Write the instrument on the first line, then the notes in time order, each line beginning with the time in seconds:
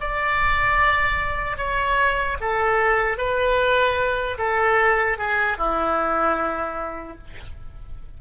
oboe
0.00 D5
1.57 C#5
2.40 A4
3.17 B4
4.38 A4
5.18 G#4
5.57 E4